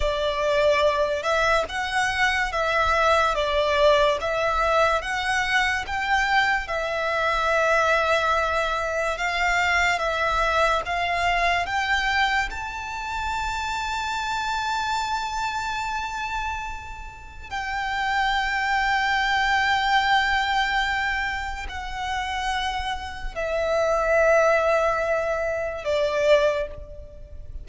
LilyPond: \new Staff \with { instrumentName = "violin" } { \time 4/4 \tempo 4 = 72 d''4. e''8 fis''4 e''4 | d''4 e''4 fis''4 g''4 | e''2. f''4 | e''4 f''4 g''4 a''4~ |
a''1~ | a''4 g''2.~ | g''2 fis''2 | e''2. d''4 | }